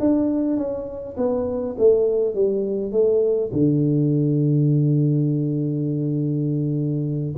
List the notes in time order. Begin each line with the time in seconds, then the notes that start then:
0.00 D4
0.57 C#4
1.17 B3
1.79 A3
2.35 G3
2.92 A3
3.53 D3